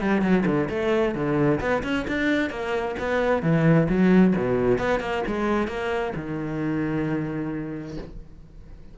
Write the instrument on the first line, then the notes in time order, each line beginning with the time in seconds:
cello
0.00 G3
0.21 F#3
0.46 D3
0.70 A3
1.15 D3
1.60 B3
1.83 C#4
2.07 D4
2.50 A#3
2.99 B3
3.42 E3
3.89 F#3
4.36 B2
4.79 B3
5.00 A#3
5.27 G#3
5.68 A#3
6.16 D#3